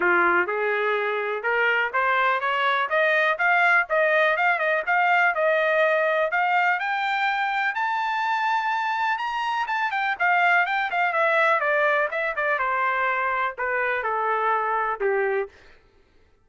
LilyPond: \new Staff \with { instrumentName = "trumpet" } { \time 4/4 \tempo 4 = 124 f'4 gis'2 ais'4 | c''4 cis''4 dis''4 f''4 | dis''4 f''8 dis''8 f''4 dis''4~ | dis''4 f''4 g''2 |
a''2. ais''4 | a''8 g''8 f''4 g''8 f''8 e''4 | d''4 e''8 d''8 c''2 | b'4 a'2 g'4 | }